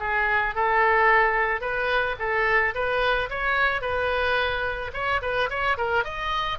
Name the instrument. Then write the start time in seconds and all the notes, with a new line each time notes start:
oboe
0.00 G#4
0.55 A4
1.61 B4
2.19 A4
2.74 B4
3.30 C#5
3.81 B4
4.93 C#5
5.22 B4
5.49 C#5
5.77 A#4
6.04 D#5